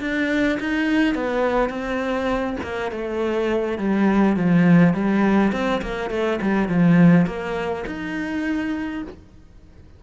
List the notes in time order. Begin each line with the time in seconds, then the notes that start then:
0.00 D4
0.59 D#4
1.14 B3
1.69 C4
2.62 A#3
2.91 A3
3.78 G3
4.36 F3
4.94 G3
5.52 C4
5.81 A#3
6.10 A3
6.41 G3
6.68 F3
7.26 A#3
7.86 D#4